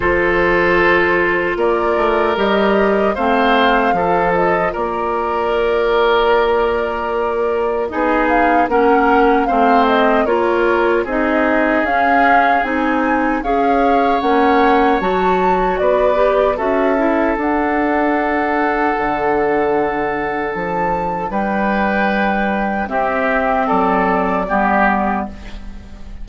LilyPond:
<<
  \new Staff \with { instrumentName = "flute" } { \time 4/4 \tempo 4 = 76 c''2 d''4 dis''4 | f''4. dis''8 d''2~ | d''2 dis''8 f''8 fis''4 | f''8 dis''8 cis''4 dis''4 f''4 |
gis''4 f''4 fis''4 a''4 | d''4 e''4 fis''2~ | fis''2 a''4 g''4~ | g''4 e''4 d''2 | }
  \new Staff \with { instrumentName = "oboe" } { \time 4/4 a'2 ais'2 | c''4 a'4 ais'2~ | ais'2 gis'4 ais'4 | c''4 ais'4 gis'2~ |
gis'4 cis''2. | b'4 a'2.~ | a'2. b'4~ | b'4 g'4 a'4 g'4 | }
  \new Staff \with { instrumentName = "clarinet" } { \time 4/4 f'2. g'4 | c'4 f'2.~ | f'2 dis'4 cis'4 | c'4 f'4 dis'4 cis'4 |
dis'4 gis'4 cis'4 fis'4~ | fis'8 g'8 fis'8 e'8 d'2~ | d'1~ | d'4 c'2 b4 | }
  \new Staff \with { instrumentName = "bassoon" } { \time 4/4 f2 ais8 a8 g4 | a4 f4 ais2~ | ais2 b4 ais4 | a4 ais4 c'4 cis'4 |
c'4 cis'4 ais4 fis4 | b4 cis'4 d'2 | d2 f4 g4~ | g4 c'4 fis4 g4 | }
>>